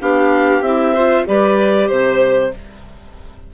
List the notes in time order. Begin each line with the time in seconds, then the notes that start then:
0.00 B3 D4 G4 F5
0.61 C4 E4 E5
0.93 F4 C5
1.26 G3 G4 B4 D5
1.87 C3 C5